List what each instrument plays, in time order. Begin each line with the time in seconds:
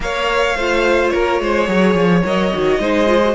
0.00 cello A#3, viola A#4, violin C#5 F5
0.56 cello A3, viola F4, violin C5
1.09 cello A#3, violin A#4 C#5
1.40 cello G#3, violin C5
1.66 cello F#3, viola G#4, violin C#5
1.94 cello F3
2.25 cello F#3, viola A#4, violin D#5
2.52 cello D#3, viola F#4
2.79 cello G#3, viola D#4, violin C5
3.06 viola F4
3.23 viola F#4